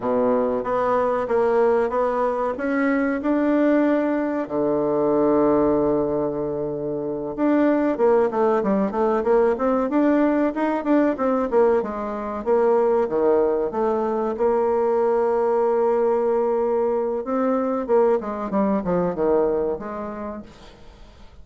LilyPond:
\new Staff \with { instrumentName = "bassoon" } { \time 4/4 \tempo 4 = 94 b,4 b4 ais4 b4 | cis'4 d'2 d4~ | d2.~ d8 d'8~ | d'8 ais8 a8 g8 a8 ais8 c'8 d'8~ |
d'8 dis'8 d'8 c'8 ais8 gis4 ais8~ | ais8 dis4 a4 ais4.~ | ais2. c'4 | ais8 gis8 g8 f8 dis4 gis4 | }